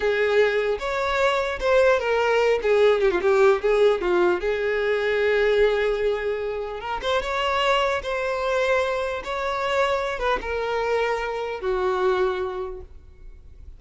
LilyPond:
\new Staff \with { instrumentName = "violin" } { \time 4/4 \tempo 4 = 150 gis'2 cis''2 | c''4 ais'4. gis'4 g'16 f'16 | g'4 gis'4 f'4 gis'4~ | gis'1~ |
gis'4 ais'8 c''8 cis''2 | c''2. cis''4~ | cis''4. b'8 ais'2~ | ais'4 fis'2. | }